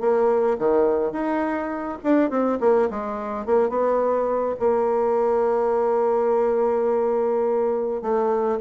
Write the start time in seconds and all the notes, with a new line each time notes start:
0.00 A#3
0.59 D#3
1.12 D#4
2.03 D4
2.30 C4
2.60 A#3
2.90 G#3
3.46 A#3
3.69 B3
4.59 A#3
8.02 A3